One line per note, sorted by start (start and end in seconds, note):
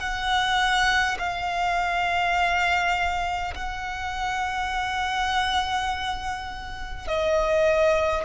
0.00 1.18 F#5
1.19 3.54 F5
3.55 7.07 F#5
7.07 8.25 D#5